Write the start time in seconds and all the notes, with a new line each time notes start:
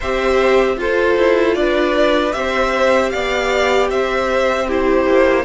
0.00 C4 G4 C5 E5
0.76 F4 A4 C5
1.17 E4
1.54 D4 B4 D5
2.32 C4 G4 C5 E5
3.09 B3 D5 F5
3.89 C4 C5 E5
4.67 E4 G4 C5
5.06 A#3